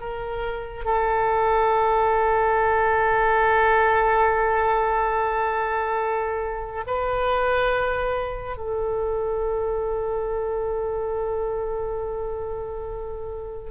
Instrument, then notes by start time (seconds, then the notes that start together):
oboe
0.00 A#4
0.85 A4
6.87 B4
8.57 A4